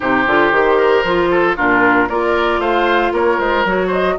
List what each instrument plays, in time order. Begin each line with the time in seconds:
0.00 bassoon C3, clarinet D#4, oboe G4, flute C5
0.27 bassoon D3, clarinet F4
0.51 bassoon D#3, clarinet G4
0.77 oboe A#4
1.03 bassoon F3, clarinet F4
1.30 oboe A4
1.56 bassoon A#2, clarinet D4, oboe F4, flute A#4
2.08 bassoon A#3, clarinet F4, oboe A#4, flute D5
2.58 bassoon A3, oboe C5, flute F5
3.12 bassoon A#3, oboe A#4, flute C#5
3.39 bassoon G#3, flute C5
3.64 bassoon F#3, clarinet F#4, flute C#5
3.87 oboe C5, flute D#5